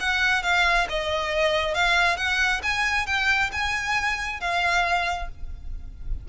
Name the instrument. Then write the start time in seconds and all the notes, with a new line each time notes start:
violin
0.00 F#5
0.43 F5
0.89 D#5
1.74 F5
2.17 F#5
2.63 G#5
3.07 G5
3.52 G#5
4.40 F5